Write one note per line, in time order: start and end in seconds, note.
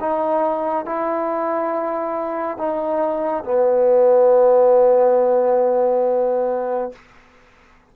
0.00 0.85 D#4
0.85 2.58 E4
2.58 3.44 D#4
3.44 6.92 B3